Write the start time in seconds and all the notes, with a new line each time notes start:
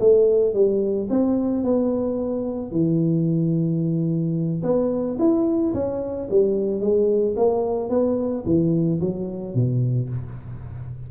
0.00 A3
0.54 G3
1.10 C4
1.64 B3
2.71 E3
4.63 B3
5.19 E4
5.74 C#4
6.30 G3
6.81 G#3
7.36 A#3
7.90 B3
8.45 E3
9.01 F#3
9.55 B2